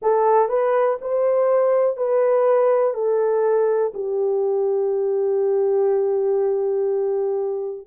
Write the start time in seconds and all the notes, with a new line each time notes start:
0.01 A4
0.49 B4
1.01 C5
1.97 B4
2.93 A4
3.93 G4